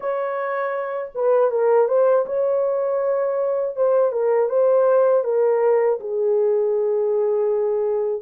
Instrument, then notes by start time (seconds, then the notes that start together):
horn
0.00 C#5
1.15 B4
1.50 A#4
1.88 C5
2.26 C#5
3.75 C5
4.12 A#4
4.49 C5
5.24 A#4
6.00 G#4